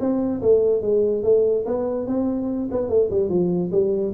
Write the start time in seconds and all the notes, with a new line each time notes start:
0.00 C4
0.42 A3
0.82 G#3
1.23 A3
1.66 B3
2.07 C4
2.71 B3
2.89 A3
3.10 G3
3.29 F3
3.72 G3